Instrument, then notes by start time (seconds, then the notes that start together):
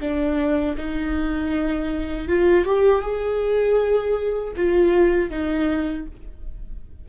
viola
0.00 D4
0.77 D#4
2.28 F4
2.65 G4
3.01 G#4
4.56 F4
5.30 D#4